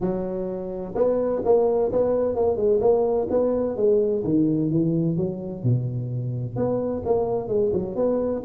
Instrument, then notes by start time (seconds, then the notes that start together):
tuba
0.00 F#3
0.95 B3
1.44 A#3
1.91 B3
2.35 A#3
2.56 G#3
2.80 A#3
3.29 B3
3.76 G#3
4.23 D#3
4.70 E3
5.16 F#3
5.63 B2
6.56 B3
7.05 A#3
7.48 G#3
7.73 F#3
7.95 B3